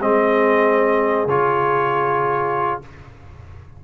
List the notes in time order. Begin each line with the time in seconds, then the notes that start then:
0.00 G#3 C4 G#4 D#5
1.26 C#3 F4 C#5